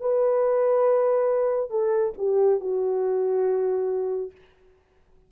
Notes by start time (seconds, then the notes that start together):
0.00 B4
1.70 A4
2.18 G4
2.60 F#4